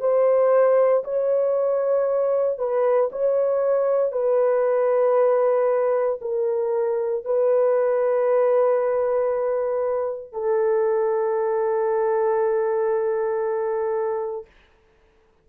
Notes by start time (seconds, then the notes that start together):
0.00 C5
1.04 C#5
2.58 B4
3.12 C#5
4.12 B4
6.21 A#4
7.25 B4
10.32 A4